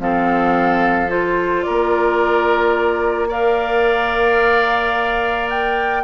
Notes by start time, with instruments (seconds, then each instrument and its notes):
0.00 bassoon F3, clarinet C4, oboe A4, flute F5
1.10 clarinet F4, flute C5
1.63 bassoon A#3, oboe A#4, flute D5
3.29 clarinet A#4, oboe D5, flute F5
5.50 flute G5